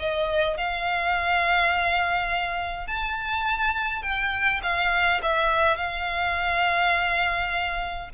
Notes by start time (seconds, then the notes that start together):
0.00 D#5
0.58 F5
2.88 A5
4.03 G5
4.63 F5
5.23 E5
5.77 F5